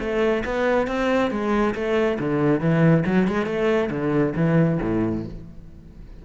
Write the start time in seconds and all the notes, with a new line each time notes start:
0.00 A3
0.45 B3
0.87 C4
1.31 G#3
1.75 A3
2.19 D3
2.60 E3
3.06 F#3
3.28 G#3
3.46 A3
3.90 D3
4.36 E3
4.82 A2